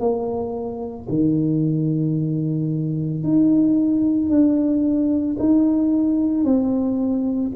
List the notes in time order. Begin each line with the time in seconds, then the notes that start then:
0.00 A#3
1.10 D#3
3.24 D#4
4.30 D4
5.39 D#4
6.44 C4